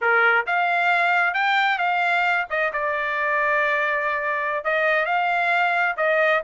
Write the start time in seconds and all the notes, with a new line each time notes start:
0.01 A#4
0.46 F5
1.33 G5
1.78 F5
2.50 D#5
2.73 D5
4.64 D#5
5.05 F5
5.96 D#5